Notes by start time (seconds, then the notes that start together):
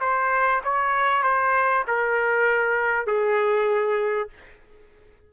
0.00 C5
0.64 C#5
1.23 C5
1.87 A#4
3.06 G#4